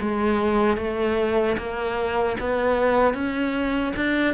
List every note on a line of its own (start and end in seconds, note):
0.00 0.77 G#3
0.77 1.56 A3
1.57 2.36 A#3
2.40 3.14 B3
3.14 3.93 C#4
3.95 4.34 D4